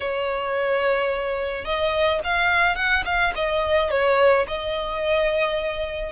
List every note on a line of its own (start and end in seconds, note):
0.00 1.64 C#5
1.64 2.20 D#5
2.24 2.75 F5
2.75 3.03 F#5
3.05 3.33 F5
3.35 3.90 D#5
3.90 4.46 C#5
4.47 6.11 D#5